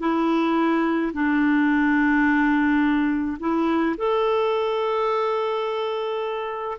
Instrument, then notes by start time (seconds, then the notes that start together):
clarinet
0.00 E4
1.13 D4
3.40 E4
3.98 A4